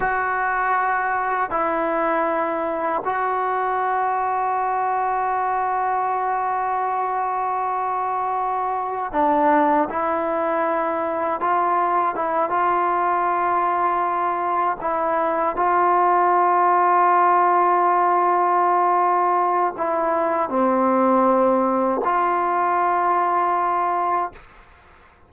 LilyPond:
\new Staff \with { instrumentName = "trombone" } { \time 4/4 \tempo 4 = 79 fis'2 e'2 | fis'1~ | fis'1 | d'4 e'2 f'4 |
e'8 f'2. e'8~ | e'8 f'2.~ f'8~ | f'2 e'4 c'4~ | c'4 f'2. | }